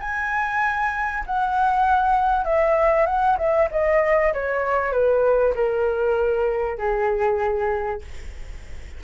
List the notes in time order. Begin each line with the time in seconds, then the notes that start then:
0.00 G#5
1.26 F#5
2.45 E5
3.06 F#5
3.38 E5
3.71 D#5
4.34 C#5
4.92 B4
5.55 A#4
6.78 G#4